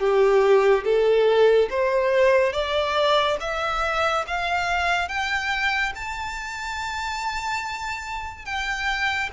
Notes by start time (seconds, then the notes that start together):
0.00 G4
0.85 A4
1.71 C5
2.53 D5
3.41 E5
4.28 F5
5.09 G5
5.96 A5
8.45 G5